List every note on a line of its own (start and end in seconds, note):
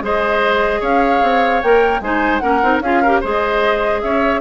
0.00 0.80 G#3
0.00 1.63 G#4
0.00 0.80 C5
0.00 0.83 D#5
0.80 1.21 C#4
0.80 2.00 C#5
0.80 1.62 F5
1.22 1.62 C4
1.62 2.00 A#3
1.62 2.03 A#4
1.62 2.02 G5
2.00 2.40 G#3
2.00 2.41 D#4
2.00 2.42 C5
2.00 2.38 G#5
2.38 2.62 A#3
2.38 2.61 C#4
2.38 2.82 A#4
2.38 2.78 F#5
2.62 2.80 C4
2.62 2.82 D#4
2.80 3.20 C#4
2.80 3.04 F4
2.80 3.02 G#4
2.80 3.22 F5
3.02 3.23 G4
3.02 3.20 A#4
3.20 4.03 G#3
3.20 4.41 G#4
3.20 4.00 C5
3.27 4.02 D#5
4.02 4.41 C#4
4.02 4.41 C#5
4.02 4.41 E5